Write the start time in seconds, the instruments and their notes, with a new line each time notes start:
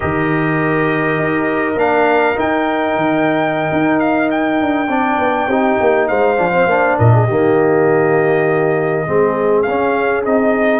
0.00 tuba D#3, trombone G4, horn A#4, trumpet D#5
1.18 tuba D#4
1.76 tuba A#3, trombone D4, trumpet F5
2.35 trombone D#4, tuba D#4, trumpet G5
2.96 tuba D#3
3.72 tuba D#4
3.99 trumpet F5
4.30 trumpet G5
4.61 tuba D4
4.88 tuba C4, trombone D4, horn D5
5.18 tuba B3
5.47 tuba C4, trombone D#4, horn G4
5.80 tuba A#3
6.07 tuba G#3, horn C5, trumpet F5
6.37 tuba F3, trombone D4
6.53 trombone C4
6.65 tuba A#3, trombone D4
6.98 tuba A#2, horn A#4, trumpet D#5
7.13 horn G#4
7.27 tuba D#3, trombone A#3, horn G4
9.07 tuba G#3, trombone C4, horn G#4
9.62 tuba C#4, trumpet F5
9.69 trombone C#4
10.25 tuba C4, trombone D#4, trumpet D#5